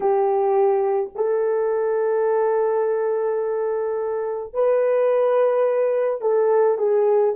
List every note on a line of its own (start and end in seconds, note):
0.00 1.10 G4
1.15 4.53 A4
4.53 6.21 B4
6.21 6.78 A4
6.78 7.34 G#4